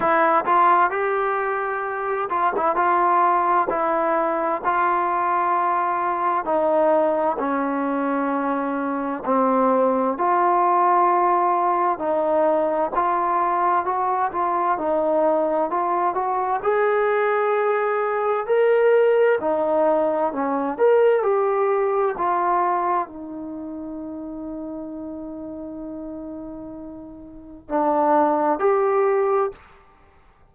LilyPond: \new Staff \with { instrumentName = "trombone" } { \time 4/4 \tempo 4 = 65 e'8 f'8 g'4. f'16 e'16 f'4 | e'4 f'2 dis'4 | cis'2 c'4 f'4~ | f'4 dis'4 f'4 fis'8 f'8 |
dis'4 f'8 fis'8 gis'2 | ais'4 dis'4 cis'8 ais'8 g'4 | f'4 dis'2.~ | dis'2 d'4 g'4 | }